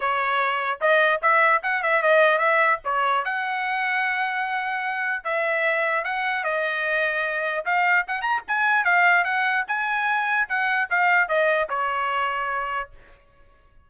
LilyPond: \new Staff \with { instrumentName = "trumpet" } { \time 4/4 \tempo 4 = 149 cis''2 dis''4 e''4 | fis''8 e''8 dis''4 e''4 cis''4 | fis''1~ | fis''4 e''2 fis''4 |
dis''2. f''4 | fis''8 ais''8 gis''4 f''4 fis''4 | gis''2 fis''4 f''4 | dis''4 cis''2. | }